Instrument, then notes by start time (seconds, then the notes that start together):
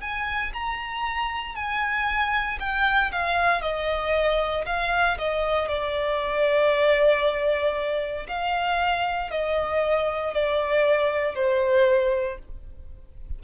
violin
0.00 G#5
0.53 A#5
1.55 G#5
2.59 G5
3.11 F5
3.61 D#5
4.66 F5
5.18 D#5
5.68 D5
8.28 F5
9.30 D#5
10.34 D5
11.35 C5